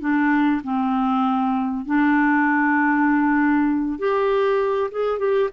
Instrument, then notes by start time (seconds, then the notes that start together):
clarinet
0.00 D4
0.63 C4
1.85 D4
3.98 G4
4.91 G#4
5.18 G4